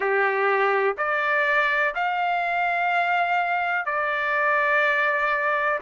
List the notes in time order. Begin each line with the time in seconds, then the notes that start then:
0.00 G4
0.97 D5
1.94 F5
3.85 D5